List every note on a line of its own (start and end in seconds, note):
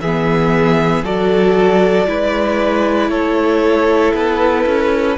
0.00 1.02 E3
0.00 1.05 B3
0.00 1.04 G#4
0.00 1.05 E5
1.02 2.06 F#3
1.02 2.07 F#4
1.02 2.07 A4
1.02 3.10 D5
2.06 3.10 G#3
2.06 5.18 E4
2.06 3.11 B4
3.10 4.13 A3
3.10 5.18 A4
3.10 4.14 C#5
4.14 4.66 B3
4.14 5.18 B4
4.66 5.18 C#4